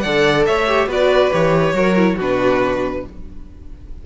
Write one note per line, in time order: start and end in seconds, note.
0.00 0.47 D3
0.00 0.67 A4
0.00 0.46 D5
0.00 0.43 F#5
0.45 0.86 A3
0.45 0.88 C#5
0.45 0.88 E5
0.67 0.88 G4
0.86 1.29 B3
0.86 1.31 F#4
0.86 1.73 B4
0.86 1.32 D5
1.31 1.73 E3
1.31 1.73 G4
1.31 2.18 C#5
1.73 2.16 F#3
1.73 1.95 F#4
1.73 2.16 A#4
1.96 2.17 E4
2.16 3.03 B2
2.16 3.06 D4
2.16 3.01 F#4
2.16 3.06 B4